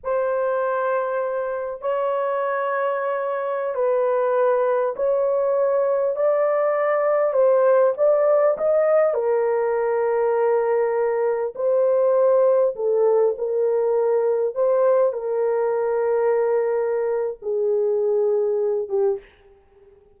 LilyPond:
\new Staff \with { instrumentName = "horn" } { \time 4/4 \tempo 4 = 100 c''2. cis''4~ | cis''2~ cis''16 b'4.~ b'16~ | b'16 cis''2 d''4.~ d''16~ | d''16 c''4 d''4 dis''4 ais'8.~ |
ais'2.~ ais'16 c''8.~ | c''4~ c''16 a'4 ais'4.~ ais'16~ | ais'16 c''4 ais'2~ ais'8.~ | ais'4 gis'2~ gis'8 g'8 | }